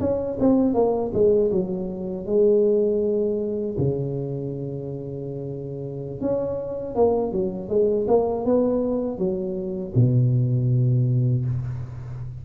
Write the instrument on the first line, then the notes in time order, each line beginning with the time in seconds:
tuba
0.00 C#4
0.40 C4
0.74 A#3
1.14 G#3
1.51 F#3
2.26 G#3
3.78 C#3
6.21 C#4
6.95 A#3
7.32 F#3
7.69 G#3
8.08 A#3
8.45 B3
9.18 F#3
9.95 B2